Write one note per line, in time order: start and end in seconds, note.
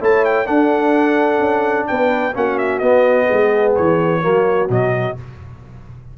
0.00 0.47 A3
0.00 0.46 E4
0.00 0.46 C#5
0.00 0.25 A5
0.25 0.47 G5
0.46 2.33 D4
0.46 1.39 D4
0.46 1.86 A4
0.46 1.87 F#5
1.39 1.86 C#4
1.88 2.36 B3
1.88 2.36 B4
1.88 2.34 G5
2.35 2.81 A#3
2.35 2.82 C#4
2.35 3.26 F#4
2.35 2.58 F#5
2.58 2.79 E5
2.79 3.28 B3
2.79 4.22 B3
2.79 3.73 D#5
3.26 3.78 G#3
3.26 4.20 G#4
3.76 4.25 E3
3.76 4.70 C#5
4.22 4.69 F#3
4.22 4.69 A#3
4.22 5.17 F#4
4.69 5.16 B2
4.69 5.16 F#3
4.69 5.18 D#5